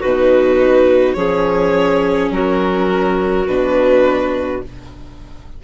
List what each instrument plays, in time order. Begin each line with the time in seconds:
0.00 bassoon B2, viola D#4, clarinet F#4, violin B4
1.13 bassoon F3, viola C#4, clarinet G#4, violin C#5
2.30 bassoon F#3, clarinet F#4, violin A#4
3.46 bassoon B2, viola D4, violin B4